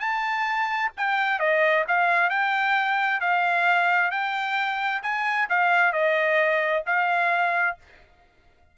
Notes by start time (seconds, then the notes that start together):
0.00 A5
0.97 G5
1.39 D#5
1.88 F5
2.30 G5
3.21 F5
4.11 G5
5.03 G#5
5.50 F5
5.93 D#5
6.86 F5